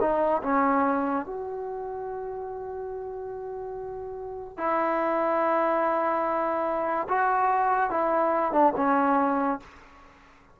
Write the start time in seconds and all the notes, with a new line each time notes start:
0.00 D#4
0.43 C#4
1.26 F#4
4.57 E4
7.08 F#4
7.90 E4
8.52 D4
8.76 C#4